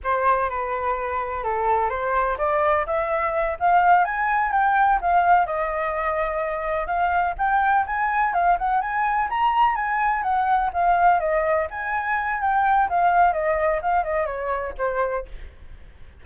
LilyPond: \new Staff \with { instrumentName = "flute" } { \time 4/4 \tempo 4 = 126 c''4 b'2 a'4 | c''4 d''4 e''4. f''8~ | f''8 gis''4 g''4 f''4 dis''8~ | dis''2~ dis''8 f''4 g''8~ |
g''8 gis''4 f''8 fis''8 gis''4 ais''8~ | ais''8 gis''4 fis''4 f''4 dis''8~ | dis''8 gis''4. g''4 f''4 | dis''4 f''8 dis''8 cis''4 c''4 | }